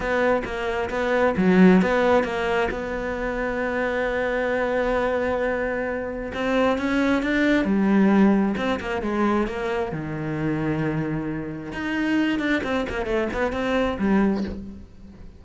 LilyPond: \new Staff \with { instrumentName = "cello" } { \time 4/4 \tempo 4 = 133 b4 ais4 b4 fis4 | b4 ais4 b2~ | b1~ | b2 c'4 cis'4 |
d'4 g2 c'8 ais8 | gis4 ais4 dis2~ | dis2 dis'4. d'8 | c'8 ais8 a8 b8 c'4 g4 | }